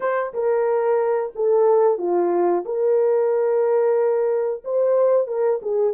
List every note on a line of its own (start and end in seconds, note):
0.00 0.33 C5
0.33 1.32 A#4
1.35 1.98 A4
1.98 2.63 F4
2.65 4.63 A#4
4.64 5.27 C5
5.27 5.60 A#4
5.62 5.93 G#4